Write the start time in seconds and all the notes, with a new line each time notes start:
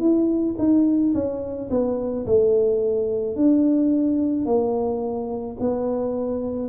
0.00 E4
0.59 D#4
1.15 C#4
1.71 B3
2.27 A3
3.36 D4
4.46 A#3
5.60 B3